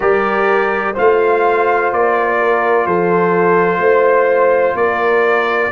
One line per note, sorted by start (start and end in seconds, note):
0.00 0.96 G3
0.00 0.94 G4
0.00 0.93 A#4
0.00 0.95 D5
0.93 1.92 A3
0.93 5.71 F4
0.93 2.36 C5
0.93 1.92 F5
1.92 2.86 A#3
1.92 2.86 D5
2.38 2.86 A#4
2.86 3.78 F3
2.86 3.80 A4
2.86 4.76 C5
3.78 4.73 A3
3.78 4.75 C5
4.74 5.69 A#3
4.74 5.71 A#4
4.74 5.71 D5